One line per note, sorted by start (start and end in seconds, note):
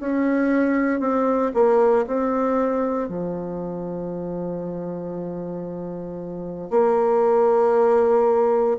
0.00 1.00 C#4
1.00 1.52 C4
1.54 2.05 A#3
2.07 3.08 C4
3.08 6.71 F3
6.71 8.77 A#3